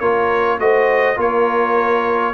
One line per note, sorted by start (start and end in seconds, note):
0.00 0.60 A#3
0.00 0.60 F4
0.00 0.60 A#4
0.00 0.59 C#5
0.60 1.18 A3
0.60 1.17 F#4
0.60 1.17 C5
0.60 1.19 D#5
1.17 2.34 A#3
1.17 2.34 F4
1.17 2.34 A#4
1.17 2.34 C#5